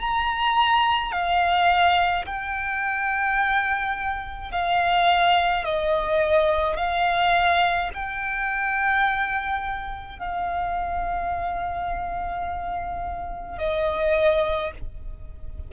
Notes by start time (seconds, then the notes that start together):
0.00 A#5
1.12 F5
2.25 G5
4.51 F5
5.64 D#5
6.77 F5
7.93 G5
10.18 F5
13.58 D#5